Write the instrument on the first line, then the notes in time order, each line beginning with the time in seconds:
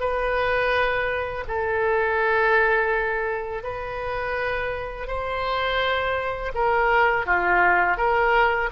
oboe
0.00 B4
1.48 A4
3.63 B4
5.07 C5
6.55 A#4
7.26 F4
7.97 A#4